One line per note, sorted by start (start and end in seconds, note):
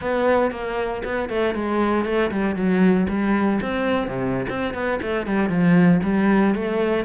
0.01 0.51 B3
0.51 1.02 A#3
1.04 1.29 B3
1.29 1.54 A3
1.55 2.05 G#3
2.05 2.31 A3
2.31 2.55 G3
2.55 3.06 F#3
3.08 3.59 G3
3.61 4.07 C4
4.07 4.46 C3
4.49 4.74 C4
4.74 4.99 B3
5.02 5.26 A3
5.26 5.49 G3
5.49 6.00 F3
6.03 6.54 G3
6.54 7.04 A3